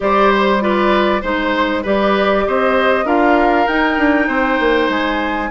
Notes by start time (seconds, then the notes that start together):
0.00 G3 G4 C5 D5
0.31 C5
0.60 F4 B4 D5
1.21 G#3 D#4 C5
1.83 G3 G4 B4 D5
2.47 C4 C5 D#5
3.05 D4 F4 A#4 F5
3.67 D#4 G5
3.97 D4
4.27 C4 C5
4.59 A#3
4.89 G#3 G#5